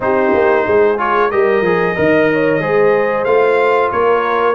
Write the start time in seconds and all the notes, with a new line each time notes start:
0.00 C4 D#4 G4 C5
0.34 A#3
0.65 G#3 G#4
0.97 F4 C#5
1.31 G3 G4 A#4 D#5
1.61 F3 G#4
1.95 D#3 A#4 D#5
2.32 C#5
2.60 G#3 G#4 C5
3.24 A3 F4 F5
3.91 A#3 A#4 C#5